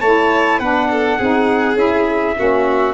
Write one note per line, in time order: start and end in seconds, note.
0.00 0.60 A3
0.00 0.61 E4
0.00 0.59 C#5
0.00 0.60 A5
0.59 1.18 B3
0.59 1.20 D4
0.59 0.88 B4
0.59 1.77 F#5
0.91 1.18 A4
1.18 1.75 C4
1.18 1.76 D#4
1.18 2.35 G#4
1.75 2.34 C#4
1.75 2.35 E4
1.75 2.94 E5
2.36 2.94 A#3
2.36 2.94 C#4
2.36 2.94 F#4